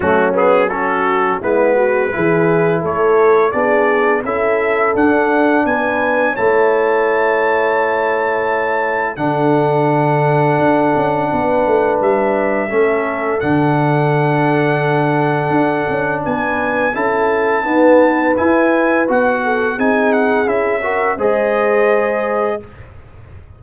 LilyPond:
<<
  \new Staff \with { instrumentName = "trumpet" } { \time 4/4 \tempo 4 = 85 fis'8 gis'8 a'4 b'2 | cis''4 d''4 e''4 fis''4 | gis''4 a''2.~ | a''4 fis''2.~ |
fis''4 e''2 fis''4~ | fis''2. gis''4 | a''2 gis''4 fis''4 | gis''8 fis''8 e''4 dis''2 | }
  \new Staff \with { instrumentName = "horn" } { \time 4/4 cis'4 fis'4 e'8 fis'8 gis'4 | a'4 gis'4 a'2 | b'4 cis''2.~ | cis''4 a'2. |
b'2 a'2~ | a'2. b'4 | a'4 b'2~ b'8 a'8 | gis'4. ais'8 c''2 | }
  \new Staff \with { instrumentName = "trombone" } { \time 4/4 a8 b8 cis'4 b4 e'4~ | e'4 d'4 e'4 d'4~ | d'4 e'2.~ | e'4 d'2.~ |
d'2 cis'4 d'4~ | d'1 | e'4 b4 e'4 fis'4 | dis'4 e'8 fis'8 gis'2 | }
  \new Staff \with { instrumentName = "tuba" } { \time 4/4 fis2 gis4 e4 | a4 b4 cis'4 d'4 | b4 a2.~ | a4 d2 d'8 cis'8 |
b8 a8 g4 a4 d4~ | d2 d'8 cis'8 b4 | cis'4 dis'4 e'4 b4 | c'4 cis'4 gis2 | }
>>